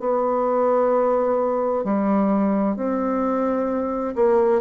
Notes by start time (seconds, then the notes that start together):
0.00 B3
1.85 G3
2.77 C4
4.15 A#3